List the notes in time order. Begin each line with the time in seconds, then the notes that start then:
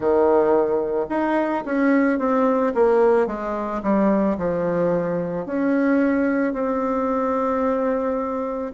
0.00 D#3
1.09 D#4
1.65 C#4
2.18 C4
2.74 A#3
3.27 G#3
3.82 G3
4.37 F3
5.45 C#4
6.53 C4